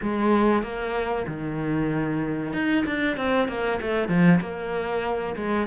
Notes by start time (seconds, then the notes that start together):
0.01 G#3
0.62 A#3
1.27 D#3
2.53 D#4
2.86 D4
3.17 C4
3.48 A#3
3.81 A3
4.08 F3
4.40 A#3
5.36 G#3